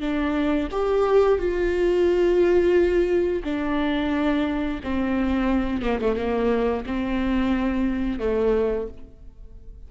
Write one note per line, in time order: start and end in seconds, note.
0.00 0.68 D4
0.71 1.39 G4
1.39 3.43 F4
3.44 4.80 D4
4.83 5.82 C4
5.82 5.99 A#3
6.01 6.16 A3
6.16 6.84 A#3
6.86 8.19 C4
8.19 8.87 A3